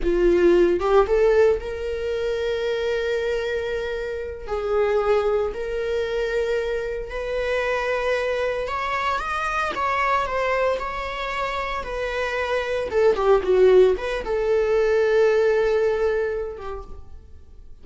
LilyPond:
\new Staff \with { instrumentName = "viola" } { \time 4/4 \tempo 4 = 114 f'4. g'8 a'4 ais'4~ | ais'1~ | ais'8 gis'2 ais'4.~ | ais'4. b'2~ b'8~ |
b'8 cis''4 dis''4 cis''4 c''8~ | c''8 cis''2 b'4.~ | b'8 a'8 g'8 fis'4 b'8 a'4~ | a'2.~ a'8 g'8 | }